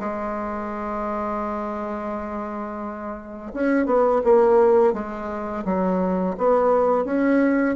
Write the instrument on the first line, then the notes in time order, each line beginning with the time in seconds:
bassoon
0.00 G#3
3.54 C#4
3.86 B3
4.24 A#3
4.93 G#3
5.65 F#3
6.38 B3
7.05 C#4